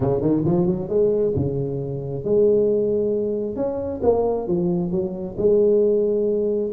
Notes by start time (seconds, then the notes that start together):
0.00 C#3
0.21 D#3
0.45 F3
0.66 F#3
0.88 G#3
1.35 C#3
2.24 G#3
3.56 C#4
4.03 A#3
4.47 F3
4.91 F#3
5.37 G#3